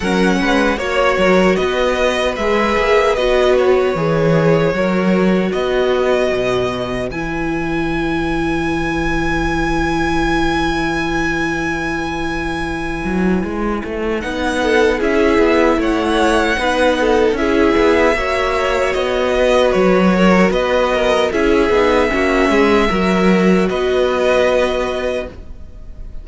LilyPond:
<<
  \new Staff \with { instrumentName = "violin" } { \time 4/4 \tempo 4 = 76 fis''4 cis''4 dis''4 e''4 | dis''8 cis''2~ cis''8 dis''4~ | dis''4 gis''2.~ | gis''1~ |
gis''2 fis''4 e''4 | fis''2 e''2 | dis''4 cis''4 dis''4 e''4~ | e''2 dis''2 | }
  \new Staff \with { instrumentName = "violin" } { \time 4/4 ais'8 b'8 cis''8 ais'8 b'2~ | b'2 ais'4 b'4~ | b'1~ | b'1~ |
b'2~ b'8 a'8 gis'4 | cis''4 b'8 a'8 gis'4 cis''4~ | cis''8 b'4 ais'8 b'8 ais'8 gis'4 | fis'8 gis'8 ais'4 b'2 | }
  \new Staff \with { instrumentName = "viola" } { \time 4/4 cis'4 fis'2 gis'4 | fis'4 gis'4 fis'2~ | fis'4 e'2.~ | e'1~ |
e'2 dis'4 e'4~ | e'4 dis'4 e'4 fis'4~ | fis'2. e'8 dis'8 | cis'4 fis'2. | }
  \new Staff \with { instrumentName = "cello" } { \time 4/4 fis8 gis8 ais8 fis8 b4 gis8 ais8 | b4 e4 fis4 b4 | b,4 e2.~ | e1~ |
e8 fis8 gis8 a8 b4 cis'8 b8 | a4 b4 cis'8 b8 ais4 | b4 fis4 b4 cis'8 b8 | ais8 gis8 fis4 b2 | }
>>